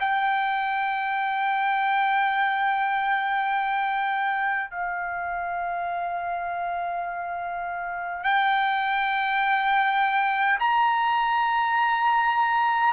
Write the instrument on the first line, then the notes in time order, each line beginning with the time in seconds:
trumpet
0.00 G5
4.71 F5
8.24 G5
10.59 A#5